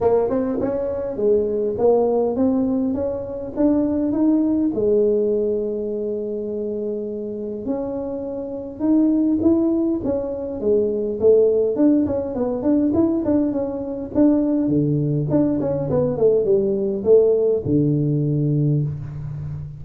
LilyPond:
\new Staff \with { instrumentName = "tuba" } { \time 4/4 \tempo 4 = 102 ais8 c'8 cis'4 gis4 ais4 | c'4 cis'4 d'4 dis'4 | gis1~ | gis4 cis'2 dis'4 |
e'4 cis'4 gis4 a4 | d'8 cis'8 b8 d'8 e'8 d'8 cis'4 | d'4 d4 d'8 cis'8 b8 a8 | g4 a4 d2 | }